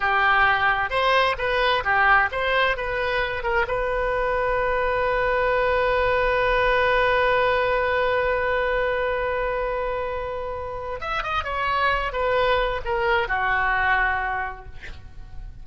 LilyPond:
\new Staff \with { instrumentName = "oboe" } { \time 4/4 \tempo 4 = 131 g'2 c''4 b'4 | g'4 c''4 b'4. ais'8 | b'1~ | b'1~ |
b'1~ | b'1 | e''8 dis''8 cis''4. b'4. | ais'4 fis'2. | }